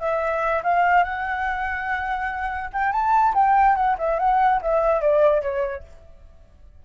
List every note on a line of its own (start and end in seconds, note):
0.00 0.62 E5
0.64 1.04 F5
1.04 2.70 F#5
2.73 2.92 G5
2.92 3.34 A5
3.34 3.76 G5
3.76 3.97 F#5
3.98 4.19 E5
4.19 4.61 F#5
4.62 5.01 E5
5.01 5.42 D5
5.42 5.84 C#5